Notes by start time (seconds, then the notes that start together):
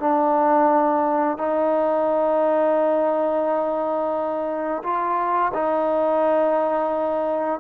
0.00 D4
1.38 D#4
4.84 F4
5.54 D#4